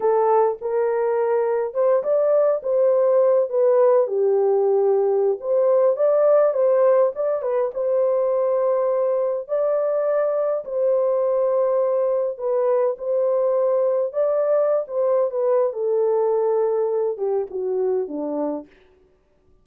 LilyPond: \new Staff \with { instrumentName = "horn" } { \time 4/4 \tempo 4 = 103 a'4 ais'2 c''8 d''8~ | d''8 c''4. b'4 g'4~ | g'4~ g'16 c''4 d''4 c''8.~ | c''16 d''8 b'8 c''2~ c''8.~ |
c''16 d''2 c''4.~ c''16~ | c''4~ c''16 b'4 c''4.~ c''16~ | c''16 d''4~ d''16 c''8. b'8. a'4~ | a'4. g'8 fis'4 d'4 | }